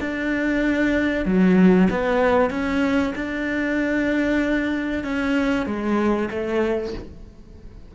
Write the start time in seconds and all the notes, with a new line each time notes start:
0.00 D4
1.25 F#3
1.90 B3
2.50 C#4
3.15 D4
5.04 C#4
5.66 G#3
6.30 A3